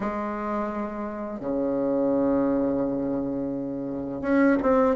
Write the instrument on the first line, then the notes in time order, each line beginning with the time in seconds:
bassoon
0.00 G#3
1.40 C#3
4.21 C#4
4.62 C4